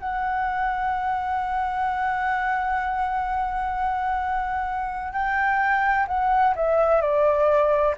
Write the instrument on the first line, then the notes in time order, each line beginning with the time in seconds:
flute
0.00 F#5
5.13 G5
6.08 F#5
6.56 E5
7.01 D5